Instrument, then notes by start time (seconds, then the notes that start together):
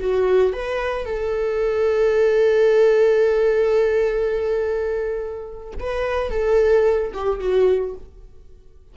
viola
0.00 F#4
0.53 B4
1.05 A4
5.80 B4
6.30 A4
7.13 G4
7.40 F#4